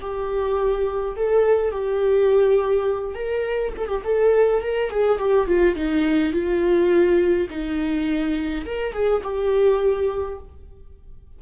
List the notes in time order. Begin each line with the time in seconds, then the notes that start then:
0.00 G4
1.16 A4
1.71 G4
3.14 A#4
3.77 A4
3.87 G4
4.04 A4
4.62 A#4
4.90 G#4
5.18 G4
5.47 F4
5.75 D#4
6.32 F4
7.49 D#4
8.65 A#4
8.93 G#4
9.23 G4